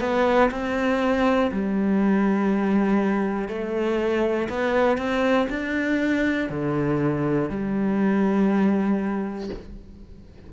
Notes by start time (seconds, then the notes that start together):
0.00 B3
0.50 C4
1.51 G3
3.48 A3
4.49 B3
4.97 C4
5.49 D4
6.50 D3
7.50 G3